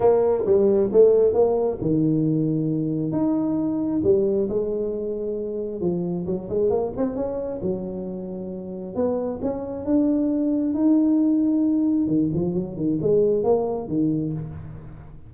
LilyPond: \new Staff \with { instrumentName = "tuba" } { \time 4/4 \tempo 4 = 134 ais4 g4 a4 ais4 | dis2. dis'4~ | dis'4 g4 gis2~ | gis4 f4 fis8 gis8 ais8 c'8 |
cis'4 fis2. | b4 cis'4 d'2 | dis'2. dis8 f8 | fis8 dis8 gis4 ais4 dis4 | }